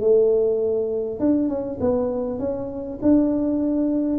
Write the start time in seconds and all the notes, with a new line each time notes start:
0.00 A3
1.19 D4
1.48 C#4
1.80 B3
2.39 C#4
3.02 D4